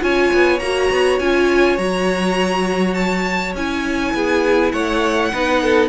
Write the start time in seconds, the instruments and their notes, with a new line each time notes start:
0.00 cello C#4, viola F4, violin C#5 G#5
0.34 cello B3
0.60 cello A#3, viola F#4, violin A#5
0.91 cello B3
1.20 cello C#4, viola F4, violin G#5
1.78 cello F#3, viola F#4, violin A#5
2.94 violin A5
3.55 cello C#4, viola E4, violin G#5
4.14 cello B3, violin G#4
4.72 cello A3, violin C#5 F#5
5.34 cello B3, viola D#4, violin B4
5.63 violin A4